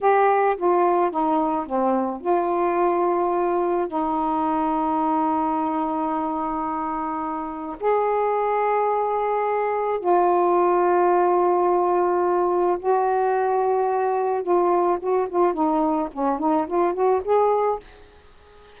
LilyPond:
\new Staff \with { instrumentName = "saxophone" } { \time 4/4 \tempo 4 = 108 g'4 f'4 dis'4 c'4 | f'2. dis'4~ | dis'1~ | dis'2 gis'2~ |
gis'2 f'2~ | f'2. fis'4~ | fis'2 f'4 fis'8 f'8 | dis'4 cis'8 dis'8 f'8 fis'8 gis'4 | }